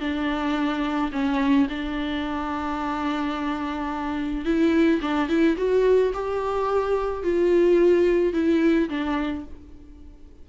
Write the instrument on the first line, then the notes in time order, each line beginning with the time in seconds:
viola
0.00 D4
1.12 C#4
1.69 D4
4.45 E4
5.02 D4
5.29 E4
5.57 F#4
6.13 G4
7.23 F4
8.33 E4
8.89 D4